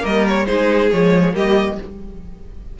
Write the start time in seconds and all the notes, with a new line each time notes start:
0.00 G3 A#3 A#4 D#5
0.29 C#5
0.47 G#3 D#4 G#4 C5
0.92 F3 G#3 C#5
1.34 G3 A#3 G4 D#5